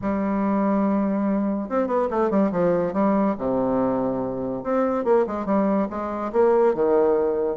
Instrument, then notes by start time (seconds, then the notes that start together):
bassoon
0.01 G3
1.69 C4
1.87 B3
2.10 A3
2.30 G3
2.51 F3
2.93 G3
3.37 C3
4.63 C4
5.04 A#3
5.26 G#3
5.45 G3
5.90 G#3
6.32 A#3
6.74 D#3